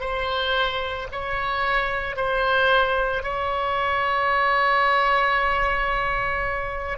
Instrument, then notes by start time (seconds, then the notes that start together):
oboe
0.00 C5
1.12 C#5
2.16 C5
3.23 C#5